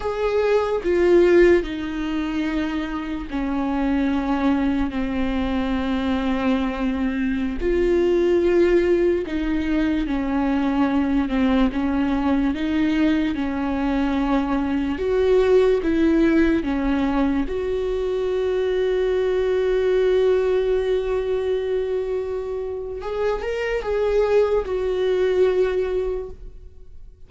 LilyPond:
\new Staff \with { instrumentName = "viola" } { \time 4/4 \tempo 4 = 73 gis'4 f'4 dis'2 | cis'2 c'2~ | c'4~ c'16 f'2 dis'8.~ | dis'16 cis'4. c'8 cis'4 dis'8.~ |
dis'16 cis'2 fis'4 e'8.~ | e'16 cis'4 fis'2~ fis'8.~ | fis'1 | gis'8 ais'8 gis'4 fis'2 | }